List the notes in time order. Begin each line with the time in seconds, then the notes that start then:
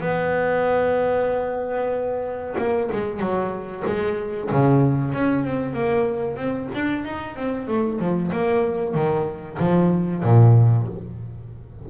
0.00 B3
2.58 A#3
2.92 G#3
3.19 F#3
3.86 G#3
4.51 C#3
5.13 C#4
5.44 C4
5.73 A#3
6.36 C4
6.74 D4
7.04 D#4
7.36 C4
7.67 A3
7.99 F3
8.32 A#3
8.94 D#3
9.59 F3
10.23 A#2